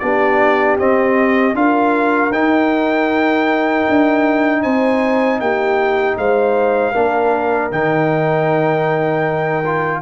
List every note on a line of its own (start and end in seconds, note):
0.00 0.79 B3
0.00 0.79 D4
0.00 1.57 G4
0.00 0.77 D5
0.79 1.55 C4
0.79 1.56 D#5
1.55 2.31 D4
1.55 2.32 F4
1.55 4.63 A#4
1.55 2.33 F5
2.31 3.85 D#4
2.31 6.95 D#4
2.31 4.63 G5
3.89 4.66 D4
4.63 5.41 C4
4.63 5.40 C5
4.63 5.40 G#5
5.41 6.17 A#3
5.41 6.19 G4
5.41 6.17 G5
6.18 6.95 G#3
6.18 6.92 C5
6.18 7.72 F5
6.92 7.71 A#3
6.92 7.71 D4
6.92 10.00 A#4
7.71 10.02 D#3
7.71 9.64 D#4
7.71 10.02 G5
9.66 10.02 F4